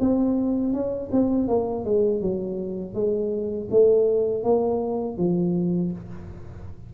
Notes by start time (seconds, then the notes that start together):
0.00 C4
0.73 C#4
1.12 C4
1.48 A#3
1.85 G#3
2.22 F#3
2.95 G#3
3.71 A3
4.44 A#3
5.18 F3